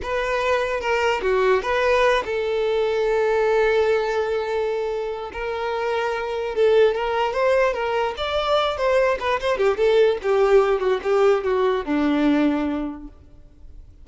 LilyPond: \new Staff \with { instrumentName = "violin" } { \time 4/4 \tempo 4 = 147 b'2 ais'4 fis'4 | b'4. a'2~ a'8~ | a'1~ | a'4 ais'2. |
a'4 ais'4 c''4 ais'4 | d''4. c''4 b'8 c''8 g'8 | a'4 g'4. fis'8 g'4 | fis'4 d'2. | }